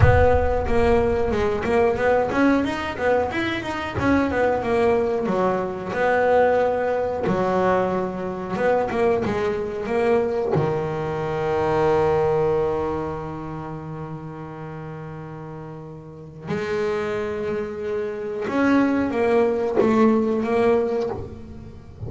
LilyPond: \new Staff \with { instrumentName = "double bass" } { \time 4/4 \tempo 4 = 91 b4 ais4 gis8 ais8 b8 cis'8 | dis'8 b8 e'8 dis'8 cis'8 b8 ais4 | fis4 b2 fis4~ | fis4 b8 ais8 gis4 ais4 |
dis1~ | dis1~ | dis4 gis2. | cis'4 ais4 a4 ais4 | }